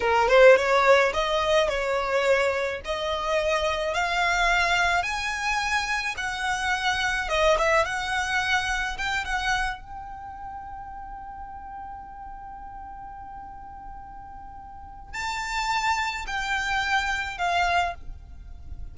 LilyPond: \new Staff \with { instrumentName = "violin" } { \time 4/4 \tempo 4 = 107 ais'8 c''8 cis''4 dis''4 cis''4~ | cis''4 dis''2 f''4~ | f''4 gis''2 fis''4~ | fis''4 dis''8 e''8 fis''2 |
g''8 fis''4 g''2~ g''8~ | g''1~ | g''2. a''4~ | a''4 g''2 f''4 | }